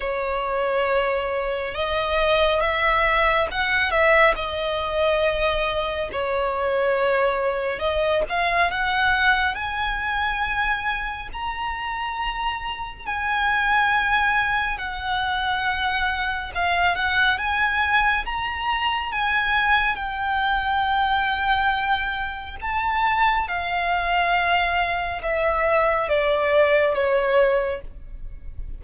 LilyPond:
\new Staff \with { instrumentName = "violin" } { \time 4/4 \tempo 4 = 69 cis''2 dis''4 e''4 | fis''8 e''8 dis''2 cis''4~ | cis''4 dis''8 f''8 fis''4 gis''4~ | gis''4 ais''2 gis''4~ |
gis''4 fis''2 f''8 fis''8 | gis''4 ais''4 gis''4 g''4~ | g''2 a''4 f''4~ | f''4 e''4 d''4 cis''4 | }